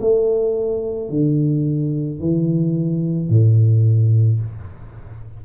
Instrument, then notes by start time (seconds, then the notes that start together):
tuba
0.00 A3
1.10 D3
2.20 E3
3.29 A2